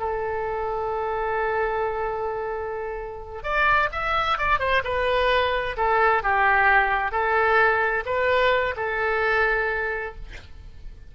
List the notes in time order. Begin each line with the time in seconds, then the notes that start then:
0.00 A4
3.43 D5
3.93 E5
4.38 D5
4.60 C5
4.84 B4
5.77 A4
6.23 G4
7.12 A4
8.06 B4
8.77 A4